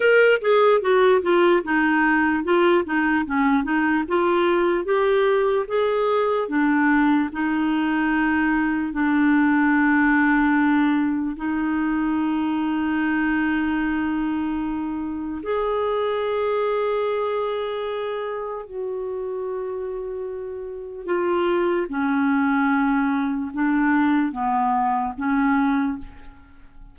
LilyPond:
\new Staff \with { instrumentName = "clarinet" } { \time 4/4 \tempo 4 = 74 ais'8 gis'8 fis'8 f'8 dis'4 f'8 dis'8 | cis'8 dis'8 f'4 g'4 gis'4 | d'4 dis'2 d'4~ | d'2 dis'2~ |
dis'2. gis'4~ | gis'2. fis'4~ | fis'2 f'4 cis'4~ | cis'4 d'4 b4 cis'4 | }